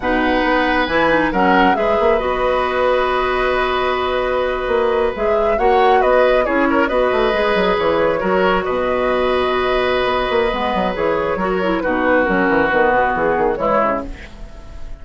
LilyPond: <<
  \new Staff \with { instrumentName = "flute" } { \time 4/4 \tempo 4 = 137 fis''2 gis''4 fis''4 | e''4 dis''2.~ | dis''2.~ dis''8. e''16~ | e''8. fis''4 dis''4 cis''4 dis''16~ |
dis''4.~ dis''16 cis''2 dis''16~ | dis''1~ | dis''4 cis''2 b'4 | ais'4 b'4 gis'4 cis''4 | }
  \new Staff \with { instrumentName = "oboe" } { \time 4/4 b'2. ais'4 | b'1~ | b'1~ | b'8. cis''4 b'4 gis'8 ais'8 b'16~ |
b'2~ b'8. ais'4 b'16~ | b'1~ | b'2 ais'4 fis'4~ | fis'2. e'4 | }
  \new Staff \with { instrumentName = "clarinet" } { \time 4/4 dis'2 e'8 dis'8 cis'4 | gis'4 fis'2.~ | fis'2.~ fis'8. gis'16~ | gis'8. fis'2 e'4 fis'16~ |
fis'8. gis'2 fis'4~ fis'16~ | fis'1 | b4 gis'4 fis'8 e'8 dis'4 | cis'4 b2 gis4 | }
  \new Staff \with { instrumentName = "bassoon" } { \time 4/4 b,4 b4 e4 fis4 | gis8 ais8 b2.~ | b2~ b8. ais4 gis16~ | gis8. ais4 b4 cis'4 b16~ |
b16 a8 gis8 fis8 e4 fis4 b,16~ | b,2. b8 ais8 | gis8 fis8 e4 fis4 b,4 | fis8 e8 dis8 b,8 e8 dis8 e8 cis8 | }
>>